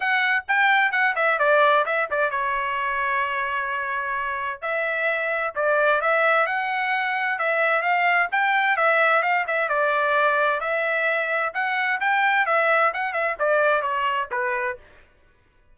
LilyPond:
\new Staff \with { instrumentName = "trumpet" } { \time 4/4 \tempo 4 = 130 fis''4 g''4 fis''8 e''8 d''4 | e''8 d''8 cis''2.~ | cis''2 e''2 | d''4 e''4 fis''2 |
e''4 f''4 g''4 e''4 | f''8 e''8 d''2 e''4~ | e''4 fis''4 g''4 e''4 | fis''8 e''8 d''4 cis''4 b'4 | }